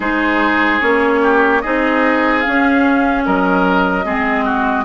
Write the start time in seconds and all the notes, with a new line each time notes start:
0.00 G#3 D#4 G#4 C5
0.81 A#3 C#4 C#5
1.22 G4
1.61 C4 D#4 G#4 D#5
2.40 C#4 F5
2.47 C#4
3.25 F#3 A#4 D#5
4.05 G#3 C4 G#4
4.44 F#4